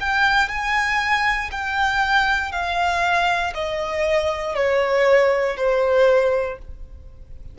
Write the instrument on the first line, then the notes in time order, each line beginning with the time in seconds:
violin
0.00 G5
0.48 G#5
1.51 G5
2.51 F5
3.54 D#5
4.55 C#5
5.56 C5